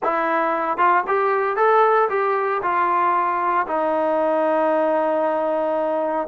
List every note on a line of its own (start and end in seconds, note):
0.03 0.77 E4
0.77 1.03 F4
1.07 1.56 G4
1.56 2.08 A4
2.09 2.61 G4
2.62 3.66 F4
3.67 6.28 D#4